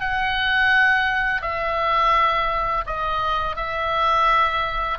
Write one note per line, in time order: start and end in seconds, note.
0.00 1.42 F#5
1.42 2.84 E5
2.86 3.56 D#5
3.56 4.98 E5